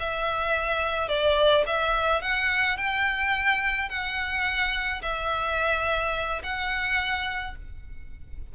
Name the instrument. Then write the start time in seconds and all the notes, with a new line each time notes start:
violin
0.00 E5
1.09 D5
1.67 E5
2.22 F#5
2.78 G5
3.90 F#5
5.02 E5
6.44 F#5